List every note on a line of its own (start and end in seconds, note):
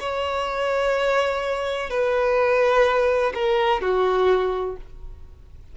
0.00 1.90 C#5
1.90 3.33 B4
3.35 3.81 A#4
3.81 4.77 F#4